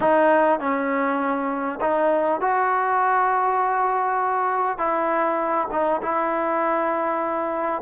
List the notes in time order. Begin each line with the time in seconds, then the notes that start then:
0.00 D#4
0.59 C#4
1.80 D#4
2.40 F#4
4.78 E4
5.71 D#4
6.02 E4